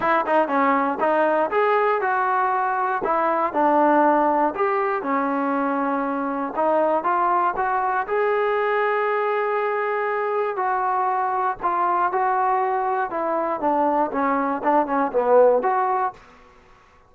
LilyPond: \new Staff \with { instrumentName = "trombone" } { \time 4/4 \tempo 4 = 119 e'8 dis'8 cis'4 dis'4 gis'4 | fis'2 e'4 d'4~ | d'4 g'4 cis'2~ | cis'4 dis'4 f'4 fis'4 |
gis'1~ | gis'4 fis'2 f'4 | fis'2 e'4 d'4 | cis'4 d'8 cis'8 b4 fis'4 | }